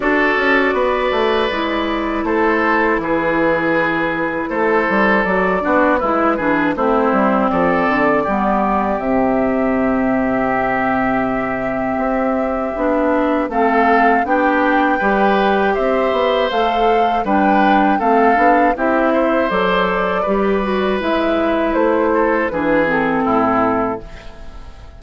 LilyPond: <<
  \new Staff \with { instrumentName = "flute" } { \time 4/4 \tempo 4 = 80 d''2. c''4 | b'2 c''4 d''4 | b'4 c''4 d''2 | e''1~ |
e''2 f''4 g''4~ | g''4 e''4 f''4 g''4 | f''4 e''4 d''2 | e''4 c''4 b'8 a'4. | }
  \new Staff \with { instrumentName = "oboe" } { \time 4/4 a'4 b'2 a'4 | gis'2 a'4. fis'8 | e'8 gis'8 e'4 a'4 g'4~ | g'1~ |
g'2 a'4 g'4 | b'4 c''2 b'4 | a'4 g'8 c''4. b'4~ | b'4. a'8 gis'4 e'4 | }
  \new Staff \with { instrumentName = "clarinet" } { \time 4/4 fis'2 e'2~ | e'2. fis'8 d'8 | e'8 d'8 c'2 b4 | c'1~ |
c'4 d'4 c'4 d'4 | g'2 a'4 d'4 | c'8 d'8 e'4 a'4 g'8 fis'8 | e'2 d'8 c'4. | }
  \new Staff \with { instrumentName = "bassoon" } { \time 4/4 d'8 cis'8 b8 a8 gis4 a4 | e2 a8 g8 fis8 b8 | gis8 e8 a8 g8 f8 d8 g4 | c1 |
c'4 b4 a4 b4 | g4 c'8 b8 a4 g4 | a8 b8 c'4 fis4 g4 | gis4 a4 e4 a,4 | }
>>